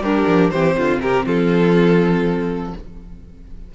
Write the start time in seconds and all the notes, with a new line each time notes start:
0.00 G3 D4 G4 A#4
0.27 F3
0.50 E3 C4 G4 C5
0.77 D3 F4
0.99 C3 G4 A#4
1.25 F3 F4 A4